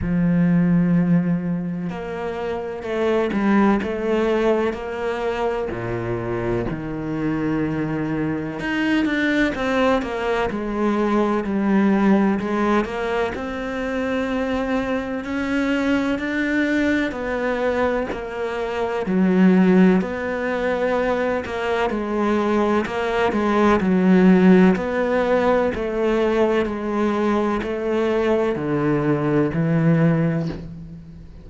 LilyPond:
\new Staff \with { instrumentName = "cello" } { \time 4/4 \tempo 4 = 63 f2 ais4 a8 g8 | a4 ais4 ais,4 dis4~ | dis4 dis'8 d'8 c'8 ais8 gis4 | g4 gis8 ais8 c'2 |
cis'4 d'4 b4 ais4 | fis4 b4. ais8 gis4 | ais8 gis8 fis4 b4 a4 | gis4 a4 d4 e4 | }